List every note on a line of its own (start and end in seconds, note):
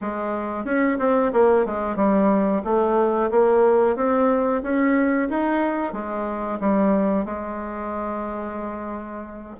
0.01 0.64 G#3
0.64 0.97 C#4
0.99 1.32 C4
1.32 1.65 A#3
1.65 1.96 G#3
1.96 2.62 G3
2.64 3.30 A3
3.30 3.96 A#3
3.96 4.62 C4
4.62 5.28 C#4
5.29 5.92 D#4
5.92 6.58 G#3
6.59 7.25 G3
7.25 9.56 G#3